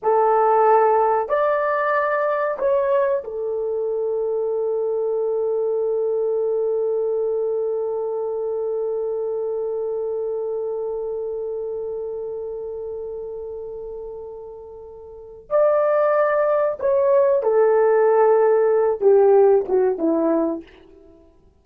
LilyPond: \new Staff \with { instrumentName = "horn" } { \time 4/4 \tempo 4 = 93 a'2 d''2 | cis''4 a'2.~ | a'1~ | a'1~ |
a'1~ | a'1 | d''2 cis''4 a'4~ | a'4. g'4 fis'8 e'4 | }